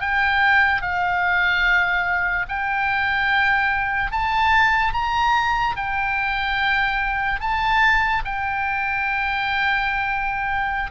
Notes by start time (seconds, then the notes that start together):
0.00 G5
0.82 F5
2.48 G5
4.12 A5
4.93 A#5
5.76 G5
7.40 A5
8.25 G5